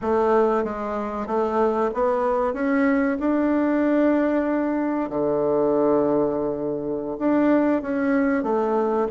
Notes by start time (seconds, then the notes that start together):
0.01 A3
0.64 G#3
1.26 A3
1.94 B3
2.53 C#4
3.19 D4
5.09 D3
7.18 D4
7.82 C#4
8.43 A3